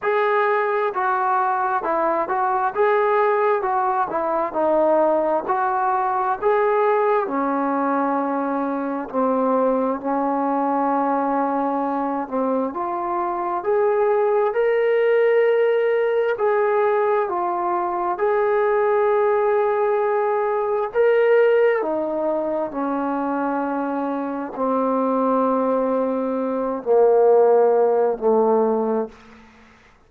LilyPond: \new Staff \with { instrumentName = "trombone" } { \time 4/4 \tempo 4 = 66 gis'4 fis'4 e'8 fis'8 gis'4 | fis'8 e'8 dis'4 fis'4 gis'4 | cis'2 c'4 cis'4~ | cis'4. c'8 f'4 gis'4 |
ais'2 gis'4 f'4 | gis'2. ais'4 | dis'4 cis'2 c'4~ | c'4. ais4. a4 | }